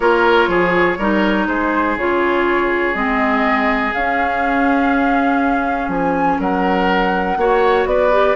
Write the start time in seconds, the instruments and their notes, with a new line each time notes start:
0.00 bassoon A#3, clarinet F4, oboe A#4, flute C#5
0.47 bassoon F3, oboe G#4
0.97 bassoon G3, clarinet D#4, oboe A#4
1.47 bassoon G#3, oboe G#4, flute C5
1.96 bassoon C#3, clarinet F4, flute C#5
2.94 bassoon G#3, clarinet C4, flute D#5
3.93 bassoon C#4, clarinet C#4, flute F5
5.88 bassoon F3, flute G#5
6.38 bassoon F#3, oboe A#4, flute F#5
7.37 bassoon A#3, clarinet F#4, oboe C#5
7.85 bassoon B3, oboe B4, flute D5
8.11 clarinet G4